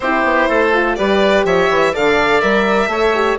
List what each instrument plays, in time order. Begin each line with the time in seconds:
0.00 bassoon C4, horn E4, oboe G4, violin C5
0.23 bassoon B3
0.48 bassoon A3, oboe A4
0.73 horn F4
0.95 bassoon G3, horn G4, oboe B4, violin D5
1.44 bassoon F3, oboe C#5, violin E5
1.69 bassoon E3
1.92 bassoon D3, horn A4, oboe D5, violin F5
2.41 bassoon G3, horn A#4, violin E5
2.87 bassoon A3, horn A4, oboe C#5
3.14 horn G4